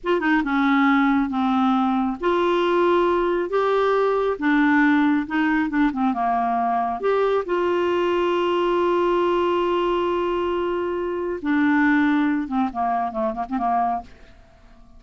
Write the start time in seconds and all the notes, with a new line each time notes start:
0.03 F4
0.20 D#4
0.44 C#4
1.29 C4
2.20 F4
3.49 G4
4.38 D4
5.27 D#4
5.69 D4
5.92 C4
6.13 A#3
7.00 G4
7.45 F4
11.41 D4
12.47 C4
12.72 A#3
13.11 A3
13.34 A#3
13.49 C4
13.58 A#3